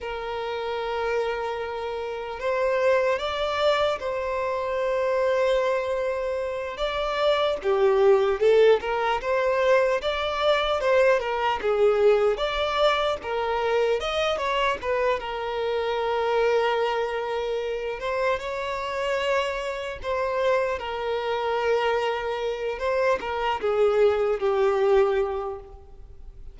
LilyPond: \new Staff \with { instrumentName = "violin" } { \time 4/4 \tempo 4 = 75 ais'2. c''4 | d''4 c''2.~ | c''8 d''4 g'4 a'8 ais'8 c''8~ | c''8 d''4 c''8 ais'8 gis'4 d''8~ |
d''8 ais'4 dis''8 cis''8 b'8 ais'4~ | ais'2~ ais'8 c''8 cis''4~ | cis''4 c''4 ais'2~ | ais'8 c''8 ais'8 gis'4 g'4. | }